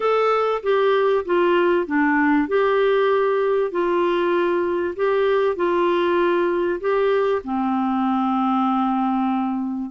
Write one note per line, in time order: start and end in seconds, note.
0.00 0.62 A4
0.62 1.24 G4
1.25 1.86 F4
1.86 2.48 D4
2.48 3.71 G4
3.71 4.95 F4
4.95 5.56 G4
5.56 6.80 F4
6.80 7.42 G4
7.44 9.90 C4